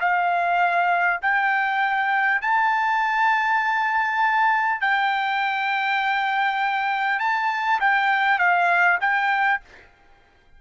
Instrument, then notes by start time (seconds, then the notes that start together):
trumpet
0.00 F5
1.22 G5
2.42 A5
4.81 G5
7.19 A5
7.81 G5
8.39 F5
9.01 G5